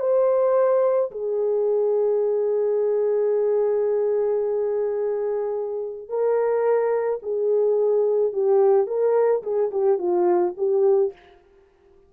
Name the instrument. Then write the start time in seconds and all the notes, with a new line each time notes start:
horn
0.00 C5
1.11 G#4
6.09 A#4
7.23 G#4
8.33 G4
8.87 A#4
9.43 G#4
9.71 G4
9.98 F4
10.58 G4